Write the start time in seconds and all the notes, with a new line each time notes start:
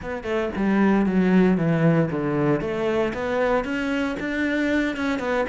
0.01 B3
0.23 A3
0.55 G3
1.06 F#3
1.57 E3
2.11 D3
2.60 A3
3.13 B3
3.64 C#4
4.19 D4
4.96 C#4
5.19 B3